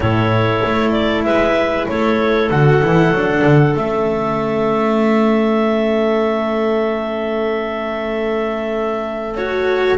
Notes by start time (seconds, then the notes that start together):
0.00 A2 E4 A4 C#5
0.65 A3
0.91 D5
1.23 G#3 B4 E5
1.88 A3 A4 C#5
2.50 D3 F#4 F#5
2.82 E3 E4
3.10 F#3 D4
3.43 D3
3.76 A3 C#4 E5
9.35 F#4 C#5